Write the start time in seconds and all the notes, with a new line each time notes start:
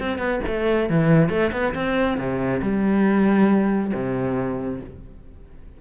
0.00 C4
0.18 B3
0.47 A3
0.89 E3
1.29 A3
1.52 B3
1.74 C4
2.18 C3
2.62 G3
3.94 C3